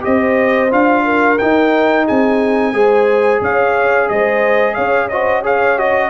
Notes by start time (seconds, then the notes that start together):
0.00 C4 G4 C5 D#5
0.70 D4 F4 F5
1.04 A#4
1.38 D#4 G5
2.04 C4 G#4 G#5
2.73 G#3 G#4 C5
3.40 C#4 C#5 F5
4.09 G#3 C5 D#5
4.74 C#4 C#5 F5
5.08 F#4 C5 D#5
5.41 G#4 C#5 F5
5.77 F#4 D#5